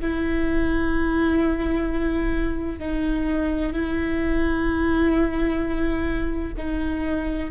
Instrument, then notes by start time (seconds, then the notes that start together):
viola
0.00 E4
2.79 D#4
3.72 E4
6.57 D#4